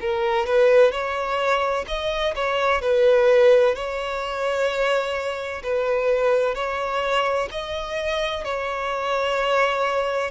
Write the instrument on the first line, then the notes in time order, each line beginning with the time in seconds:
violin
0.00 A#4
0.46 B4
0.92 C#5
1.87 D#5
2.35 C#5
2.82 B4
3.75 C#5
5.63 B4
6.55 C#5
7.51 D#5
8.45 C#5